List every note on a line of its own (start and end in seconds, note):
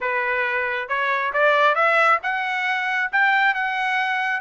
0.00 0.88 B4
0.88 1.32 C#5
1.33 1.75 D5
1.75 2.19 E5
2.22 3.11 F#5
3.12 3.54 G5
3.54 4.40 F#5